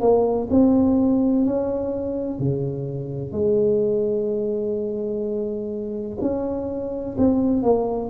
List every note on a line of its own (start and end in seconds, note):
0.00 0.48 A#3
0.50 1.45 C4
1.45 2.39 C#4
2.39 3.32 C#3
3.32 6.18 G#3
6.21 7.16 C#4
7.18 7.62 C4
7.62 8.10 A#3